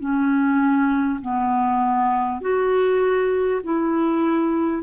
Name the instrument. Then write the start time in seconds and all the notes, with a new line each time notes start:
clarinet
0.00 C#4
1.21 B3
2.42 F#4
3.64 E4